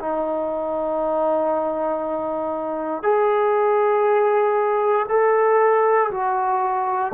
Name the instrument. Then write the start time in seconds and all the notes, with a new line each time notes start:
trombone
0.00 D#4
3.03 G#4
5.09 A4
6.11 F#4